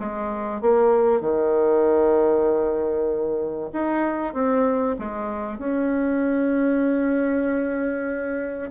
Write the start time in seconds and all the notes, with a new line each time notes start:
0.00 G#3
0.61 A#3
1.21 D#3
3.73 D#4
4.34 C4
4.99 G#3
5.59 C#4